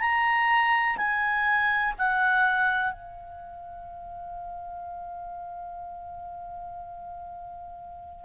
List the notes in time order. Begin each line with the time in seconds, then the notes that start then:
0.00 A#5
0.97 G#5
1.98 F#5
2.93 F5